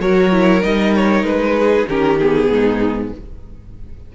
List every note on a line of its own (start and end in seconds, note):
0.00 0.62 F#3
0.00 0.32 F#4
0.00 1.58 A#4
0.00 0.64 C#5
0.32 0.63 E4
0.63 1.23 G3
0.63 1.88 D#4
0.63 0.95 D#5
0.95 1.25 C#5
1.23 1.86 G#3
1.23 1.87 B4
1.59 1.90 G#4
1.88 2.49 D#3
1.88 2.20 C#4
1.88 2.52 G4
1.88 2.20 A#4
2.20 3.15 B3
2.20 3.13 G#4
2.49 3.12 G#2
2.49 3.14 D#4